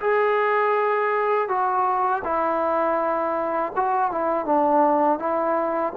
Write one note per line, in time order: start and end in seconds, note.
0.00 1.48 G#4
1.48 2.22 F#4
2.24 3.72 E4
3.75 4.11 F#4
4.11 4.45 E4
4.45 5.19 D4
5.19 5.93 E4